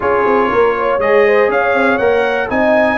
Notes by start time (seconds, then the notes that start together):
0.00 C#4 F4 G#4 C#5
0.25 C4
0.49 A#3 A#4
0.77 C#5
0.98 G#3 G#4 D#5
1.27 C5
1.48 C#4 C#5 F5
1.73 C4
1.98 A#3 A#4 F#5
2.49 C4 D#4 D#5 G#5